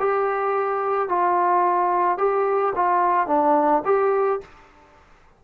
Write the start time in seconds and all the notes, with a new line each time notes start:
0.00 G4
1.09 F4
2.18 G4
2.76 F4
3.28 D4
3.85 G4